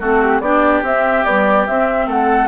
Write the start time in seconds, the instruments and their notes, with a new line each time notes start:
0.00 bassoon A3, clarinet C4, oboe F#4, flute A4
0.22 flute G4
0.41 bassoon B3, clarinet D4, oboe G4, flute D5
0.83 bassoon C4, clarinet C4, flute E5
1.25 clarinet G3, bassoon B3, flute D5
1.67 clarinet C4, bassoon C4, flute E5
2.07 bassoon A3, oboe A4, flute F#5